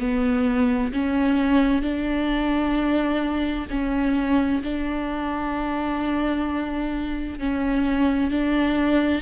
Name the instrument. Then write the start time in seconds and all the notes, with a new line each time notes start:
viola
0.00 B3
0.93 C#4
1.83 D4
3.70 C#4
4.64 D4
7.39 C#4
8.31 D4